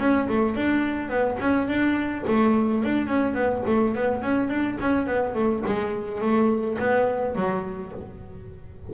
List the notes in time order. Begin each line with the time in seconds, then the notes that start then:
0.00 C#4
0.29 A3
0.56 D4
1.09 B3
1.40 C#4
1.68 D4
2.27 A3
2.84 D4
3.07 C#4
3.35 B3
3.67 A3
3.95 B3
4.23 C#4
4.50 D4
4.81 C#4
5.07 B3
5.35 A3
5.66 G#3
6.22 A3
6.80 B3
7.36 F#3